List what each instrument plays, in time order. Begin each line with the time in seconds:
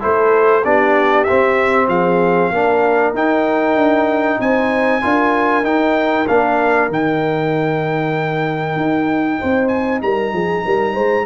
0.00 tuba A3, trombone E4, horn A4, trumpet C5
0.63 tuba B3, trombone D4, horn G4, trumpet D5
1.24 trombone C4, trumpet E5
1.30 tuba C4
1.88 tuba F3, horn G#4, trumpet F5
2.52 tuba A#3, trombone D4, horn A#4
3.14 tuba D#4, trombone D#4, trumpet G5
3.76 tuba D4
4.40 tuba C4, horn C5, trumpet G#5
5.02 tuba D4, trombone F4, horn A#4
5.64 trombone D#4, tuba D#4, trumpet G5
6.28 tuba A#3, trombone D4, trumpet F5
6.89 tuba D#3, trombone D#4, trumpet G5
8.76 tuba D#4
9.40 tuba C4, horn C5
9.68 trumpet G#5
10.02 tuba G3, horn A#4, trumpet A#5
10.33 tuba F3, horn G#4
10.65 tuba G3, horn A#4
10.93 tuba G#3, horn C5